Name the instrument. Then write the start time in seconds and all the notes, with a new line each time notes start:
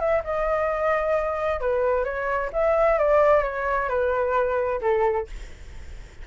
flute
0.00 E5
0.25 D#5
1.61 B4
2.05 C#5
2.53 E5
2.99 D5
3.44 C#5
3.89 B4
4.82 A4